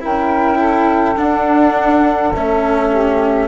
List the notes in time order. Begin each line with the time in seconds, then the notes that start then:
0.00 C#4 E4 A#4 G5
0.58 A4
1.17 D4 F#5
2.35 A3 C#4 E5
2.90 G4